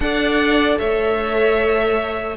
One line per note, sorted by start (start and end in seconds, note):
0.00 0.77 D4
0.00 2.36 A4
0.00 0.78 D5
0.00 0.78 F#5
0.78 2.36 A3
0.78 2.36 C#5
0.78 2.36 E5